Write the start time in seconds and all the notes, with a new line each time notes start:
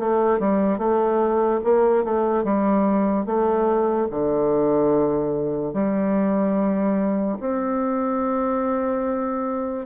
0.00 A3
0.40 G3
0.79 A3
1.64 A#3
2.04 A3
2.44 G3
3.26 A3
4.11 D3
5.74 G3
7.40 C4